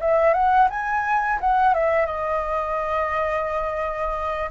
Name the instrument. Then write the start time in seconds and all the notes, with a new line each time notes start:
flute
0.00 E5
0.33 F#5
0.69 G#5
1.40 F#5
1.74 E5
2.06 D#5